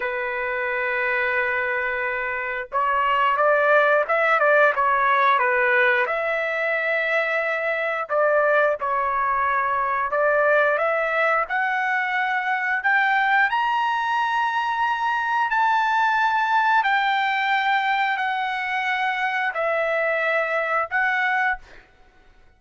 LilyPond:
\new Staff \with { instrumentName = "trumpet" } { \time 4/4 \tempo 4 = 89 b'1 | cis''4 d''4 e''8 d''8 cis''4 | b'4 e''2. | d''4 cis''2 d''4 |
e''4 fis''2 g''4 | ais''2. a''4~ | a''4 g''2 fis''4~ | fis''4 e''2 fis''4 | }